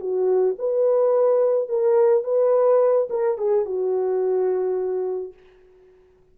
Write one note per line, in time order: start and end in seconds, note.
0.00 0.56 F#4
0.59 1.69 B4
1.69 2.25 A#4
2.25 3.09 B4
3.10 3.38 A#4
3.38 3.66 G#4
3.66 5.34 F#4